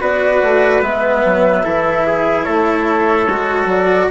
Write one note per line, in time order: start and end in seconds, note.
0.00 0.42 B3
0.00 0.82 F#4
0.00 1.64 B4
0.00 0.82 D5
0.43 0.82 A3
0.82 1.23 G#3
0.82 1.63 B3
0.82 2.44 E5
1.25 1.65 F#3
1.63 2.47 E3
1.63 3.28 E4
1.63 2.05 A4
2.07 2.45 G#4
2.44 3.28 A3
2.44 4.09 A4
2.44 3.67 C#5
3.28 3.66 G#3
3.28 4.11 F#4
3.66 4.07 F#3
3.66 4.11 D5